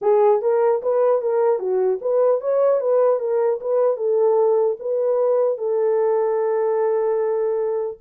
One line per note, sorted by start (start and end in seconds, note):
0.01 0.41 G#4
0.41 0.81 A#4
0.82 1.21 B4
1.21 1.59 A#4
1.59 1.99 F#4
2.01 2.40 B4
2.40 2.80 C#5
2.80 3.19 B4
3.19 3.59 A#4
3.60 3.96 B4
3.96 4.76 A4
4.79 5.57 B4
5.57 7.97 A4